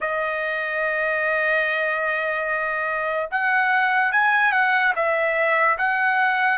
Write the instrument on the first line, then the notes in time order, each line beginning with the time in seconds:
trumpet
0.00 D#5
3.30 F#5
4.11 G#5
4.52 F#5
4.95 E5
5.78 F#5